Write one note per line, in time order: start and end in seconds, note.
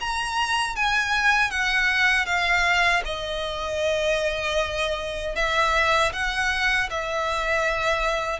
0.00 0.76 A#5
0.76 1.50 G#5
1.50 2.26 F#5
2.26 3.02 F5
3.05 5.35 D#5
5.35 6.12 E5
6.13 6.90 F#5
6.90 8.40 E5